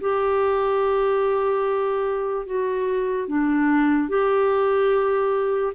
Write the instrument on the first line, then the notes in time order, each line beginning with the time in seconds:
clarinet
0.00 G4
2.46 F#4
3.28 D4
4.08 G4